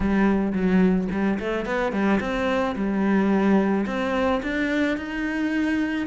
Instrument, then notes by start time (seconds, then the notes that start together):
cello
0.00 G3
0.52 F#3
1.11 G3
1.39 A3
1.65 B3
1.92 G3
2.20 C4
2.75 G3
3.86 C4
4.42 D4
4.97 D#4